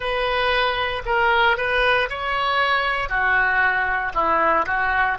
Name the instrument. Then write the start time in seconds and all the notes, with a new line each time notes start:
oboe
0.00 B4
1.05 A#4
1.57 B4
2.09 C#5
3.09 F#4
4.14 E4
4.66 F#4